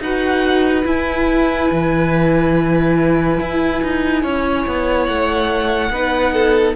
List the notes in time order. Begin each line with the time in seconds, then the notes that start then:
0.00 D#4 F#4 B4 F#5
0.83 E4 G#5
1.71 E3
3.40 E4
3.83 D#4
4.22 C#4 C#5
4.66 B3
5.05 A3 F#5
5.90 B3 D#4 B4
6.33 A4